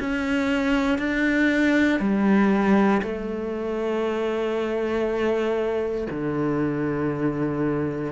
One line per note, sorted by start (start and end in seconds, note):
0.00 0.99 C#4
0.99 2.00 D4
2.00 3.02 G3
3.03 6.08 A3
6.11 8.13 D3